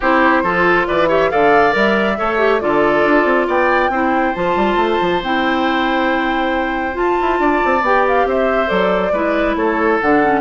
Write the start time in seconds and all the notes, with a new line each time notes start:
0.00 C4 E4 G4 C5
0.43 F3 F4 A4
0.86 E3 B4 D5
1.08 G4 C#5 E5
1.30 D3 A4 D5 F5
1.70 G3 A#4 E5
2.17 A3 A4 C#5
2.38 G4
2.60 D3 F4 A4 D5
3.04 D4
3.24 C4
3.47 B3 D5 G5
3.89 C4 E4 C5
4.34 F3 F4 A5
4.56 G3
4.76 A3
5.01 F3
5.22 C4 E4 G5
6.92 F4 A5
7.21 E4
7.39 D4 D5
7.64 C4
7.81 B3 G4 G5
8.07 F5
8.25 C4 C5 E5
8.66 F#3 A4 D5
9.12 G#3 E4 B4
9.55 A3 A4 C#5
10.00 D3 D4 F#5
10.23 C#4